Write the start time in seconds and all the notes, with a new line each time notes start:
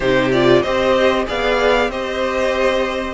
0.00 C3 D#4 G4 C5
0.32 F4 D5
0.62 C4 G4 C5 D#5
1.26 B3 G#4 D5 F5
1.88 C4 G4 C5 D#5